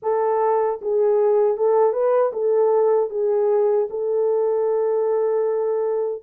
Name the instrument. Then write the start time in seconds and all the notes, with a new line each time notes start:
horn
0.02 A4
0.81 G#4
1.57 A4
1.92 B4
2.32 A4
3.10 G#4
3.90 A4